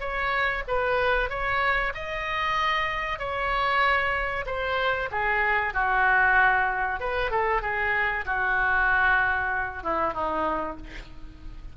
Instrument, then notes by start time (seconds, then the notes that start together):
oboe
0.00 C#5
0.68 B4
1.30 C#5
1.94 D#5
3.19 C#5
4.46 C5
5.11 G#4
5.74 F#4
7.00 B4
7.31 A4
7.62 G#4
8.26 F#4
9.83 E4
10.13 D#4